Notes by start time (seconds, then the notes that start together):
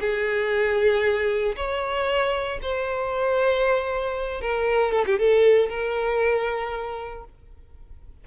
0.00 G#4
1.56 C#5
2.62 C5
4.41 A#4
4.92 A4
5.06 G4
5.18 A4
5.69 A#4